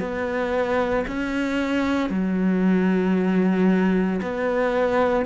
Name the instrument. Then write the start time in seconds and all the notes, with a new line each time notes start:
cello
0.00 B3
1.08 C#4
2.10 F#3
4.22 B3